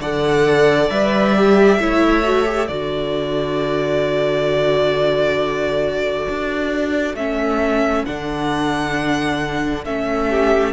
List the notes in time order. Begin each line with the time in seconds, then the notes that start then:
0.00 D3 A4 D5 F#5
0.90 G3 B4 E5
1.34 G4
1.79 A3 E4 C#5
2.24 F#4
2.46 G4
2.68 D3 F#4 A4 D5
6.29 D4
7.14 A3 C#4 E5
8.06 D3 D4 F#5
9.85 A3 C#4 E5
10.30 G4